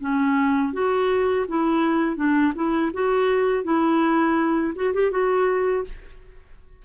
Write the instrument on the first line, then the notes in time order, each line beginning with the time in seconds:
clarinet
0.00 C#4
0.73 F#4
1.48 E4
2.16 D4
2.55 E4
2.93 F#4
3.64 E4
4.75 F#4
4.94 G4
5.11 F#4